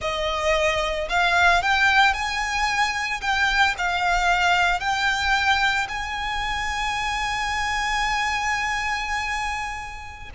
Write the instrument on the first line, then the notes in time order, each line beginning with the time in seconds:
violin
0.01 D#5
1.09 F5
1.62 G5
2.13 G#5
3.21 G5
3.78 F5
4.79 G5
5.88 G#5